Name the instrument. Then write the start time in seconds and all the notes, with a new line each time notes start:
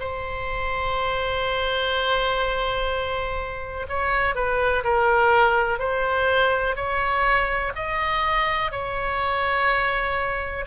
oboe
0.00 C5
3.89 C#5
4.35 B4
4.84 A#4
5.79 C5
6.76 C#5
7.76 D#5
8.72 C#5